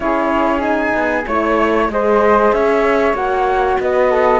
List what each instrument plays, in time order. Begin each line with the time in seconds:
0.00 cello C#4, horn E4, flute G#4 C#5
0.59 horn D#4, flute G#5
0.94 cello B3
1.26 cello A3, horn E4, flute C#5
1.88 cello G#3, horn G#4, flute C5 D#5
2.52 cello C#4, flute C#5 E5
3.13 cello A#3, horn F#4, flute F#5
3.80 cello B3, flute B4 D#5
4.10 flute A4